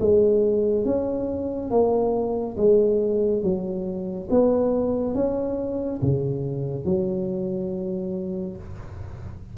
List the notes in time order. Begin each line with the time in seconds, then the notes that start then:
0.00 G#3
0.85 C#4
1.71 A#3
2.57 G#3
3.42 F#3
4.30 B3
5.15 C#4
6.02 C#3
6.85 F#3